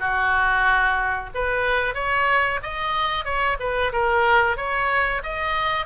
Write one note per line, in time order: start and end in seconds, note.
0.00 1.30 F#4
1.34 1.94 B4
1.94 2.60 C#5
2.63 3.25 D#5
3.25 3.58 C#5
3.60 3.92 B4
3.92 4.57 A#4
4.57 5.22 C#5
5.24 5.86 D#5